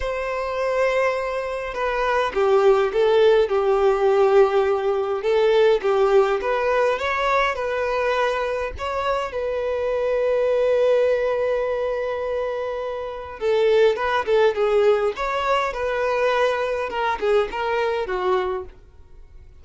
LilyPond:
\new Staff \with { instrumentName = "violin" } { \time 4/4 \tempo 4 = 103 c''2. b'4 | g'4 a'4 g'2~ | g'4 a'4 g'4 b'4 | cis''4 b'2 cis''4 |
b'1~ | b'2. a'4 | b'8 a'8 gis'4 cis''4 b'4~ | b'4 ais'8 gis'8 ais'4 fis'4 | }